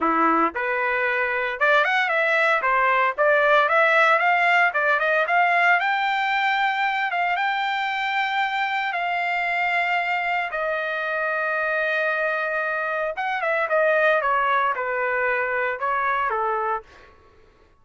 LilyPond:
\new Staff \with { instrumentName = "trumpet" } { \time 4/4 \tempo 4 = 114 e'4 b'2 d''8 fis''8 | e''4 c''4 d''4 e''4 | f''4 d''8 dis''8 f''4 g''4~ | g''4. f''8 g''2~ |
g''4 f''2. | dis''1~ | dis''4 fis''8 e''8 dis''4 cis''4 | b'2 cis''4 a'4 | }